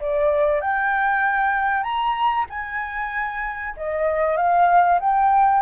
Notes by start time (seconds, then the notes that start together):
0.00 D5
0.61 G5
1.83 A#5
2.50 G#5
3.77 D#5
4.37 F5
5.00 G5